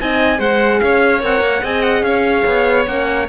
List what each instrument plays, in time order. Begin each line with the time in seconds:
0.00 cello C4, horn D#4, violin D#5, trumpet G#5
0.39 cello G#3, horn G#4, violin C5, trumpet F#5
0.81 cello C#4, violin C#5, trumpet F5
1.21 cello C4, horn A#4, trumpet F#5
1.41 cello A#3
1.63 cello C4, horn G#4, violin D#5, trumpet G#5
1.83 trumpet F#5
2.02 cello C#4, violin C#5, trumpet F5
2.46 cello B3
2.87 cello A#3, horn C#4, trumpet F#5